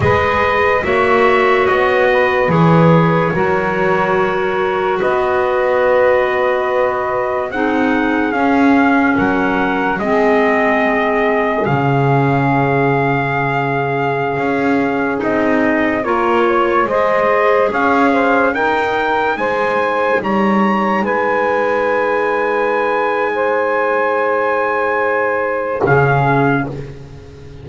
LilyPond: <<
  \new Staff \with { instrumentName = "trumpet" } { \time 4/4 \tempo 4 = 72 dis''4 e''4 dis''4 cis''4~ | cis''2 dis''2~ | dis''4 fis''4 f''4 fis''4 | dis''2 f''2~ |
f''2~ f''16 dis''4 cis''8.~ | cis''16 dis''4 f''4 g''4 gis''8.~ | gis''16 ais''4 gis''2~ gis''8.~ | gis''2. f''4 | }
  \new Staff \with { instrumentName = "saxophone" } { \time 4/4 b'4 cis''4. b'4. | ais'2 b'2~ | b'4 gis'2 ais'4 | gis'1~ |
gis'2.~ gis'16 ais'8 cis''16~ | cis''16 c''4 cis''8 c''8 ais'4 c''8.~ | c''16 cis''4 b'2~ b'8. | c''2. gis'4 | }
  \new Staff \with { instrumentName = "clarinet" } { \time 4/4 gis'4 fis'2 gis'4 | fis'1~ | fis'4 dis'4 cis'2 | c'2 cis'2~ |
cis'2~ cis'16 dis'4 f'8.~ | f'16 gis'2 dis'4.~ dis'16~ | dis'1~ | dis'2. cis'4 | }
  \new Staff \with { instrumentName = "double bass" } { \time 4/4 gis4 ais4 b4 e4 | fis2 b2~ | b4 c'4 cis'4 fis4 | gis2 cis2~ |
cis4~ cis16 cis'4 c'4 ais8.~ | ais16 gis4 cis'4 dis'4 gis8.~ | gis16 g4 gis2~ gis8.~ | gis2. cis4 | }
>>